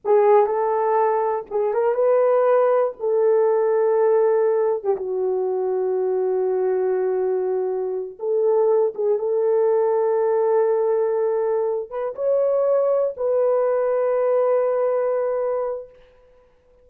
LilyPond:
\new Staff \with { instrumentName = "horn" } { \time 4/4 \tempo 4 = 121 gis'4 a'2 gis'8 ais'8 | b'2 a'2~ | a'4.~ a'16 g'16 fis'2~ | fis'1~ |
fis'8 a'4. gis'8 a'4.~ | a'1 | b'8 cis''2 b'4.~ | b'1 | }